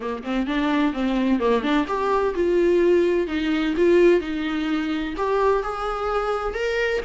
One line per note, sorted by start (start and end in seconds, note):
0.00 0.23 A#3
0.23 0.46 C4
0.46 0.93 D4
0.93 1.39 C4
1.39 1.62 A#3
1.62 1.86 D4
1.87 2.34 G4
2.34 3.27 F4
3.27 3.74 D#4
3.76 4.20 F4
4.20 5.14 D#4
5.17 5.62 G4
5.62 6.54 G#4
6.54 7.01 A#4